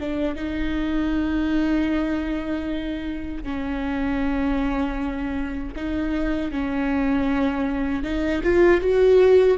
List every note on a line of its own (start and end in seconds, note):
0.00 0.36 D4
0.36 3.44 D#4
3.44 5.75 C#4
5.76 6.52 D#4
6.52 8.04 C#4
8.04 8.42 D#4
8.44 8.81 F4
8.81 9.58 F#4